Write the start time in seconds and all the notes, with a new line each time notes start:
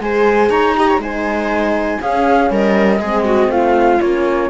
0.00 G#3 G#4 C5 G#5
0.50 D#4 C#5 A#5
0.76 G4 D#5
0.88 C#5
0.98 G#3 D#4 C5 G#5
2.01 C#4 G#4 F5
2.50 G3 A#4 D#5
3.00 G#3 C4 G#4
3.25 F#4
3.49 A3 F4 F5
4.01 A#3 C#4 C#5